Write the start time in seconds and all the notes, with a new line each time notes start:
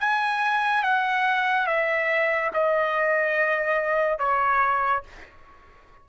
0.00 G#5
0.83 F#5
1.67 E5
2.54 D#5
4.19 C#5